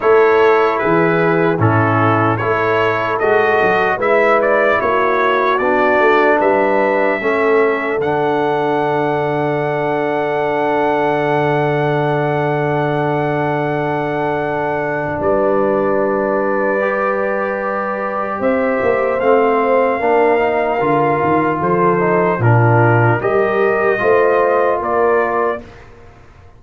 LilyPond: <<
  \new Staff \with { instrumentName = "trumpet" } { \time 4/4 \tempo 4 = 75 cis''4 b'4 a'4 cis''4 | dis''4 e''8 d''8 cis''4 d''4 | e''2 fis''2~ | fis''1~ |
fis''2. d''4~ | d''2. e''4 | f''2. c''4 | ais'4 dis''2 d''4 | }
  \new Staff \with { instrumentName = "horn" } { \time 4/4 a'4 gis'4 e'4 a'4~ | a'4 b'4 fis'2 | b'4 a'2.~ | a'1~ |
a'2. b'4~ | b'2. c''4~ | c''4 ais'2 a'4 | f'4 ais'4 c''4 ais'4 | }
  \new Staff \with { instrumentName = "trombone" } { \time 4/4 e'2 cis'4 e'4 | fis'4 e'2 d'4~ | d'4 cis'4 d'2~ | d'1~ |
d'1~ | d'4 g'2. | c'4 d'8 dis'8 f'4. dis'8 | d'4 g'4 f'2 | }
  \new Staff \with { instrumentName = "tuba" } { \time 4/4 a4 e4 a,4 a4 | gis8 fis8 gis4 ais4 b8 a8 | g4 a4 d2~ | d1~ |
d2. g4~ | g2. c'8 ais8 | a4 ais4 d8 dis8 f4 | ais,4 g4 a4 ais4 | }
>>